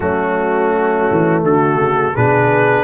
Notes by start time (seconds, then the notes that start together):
0.00 F#3 A3 C#4 F#4
1.10 E3
1.43 D3 F#4 A4
1.77 C#3
2.14 B2 D4 G#4 B4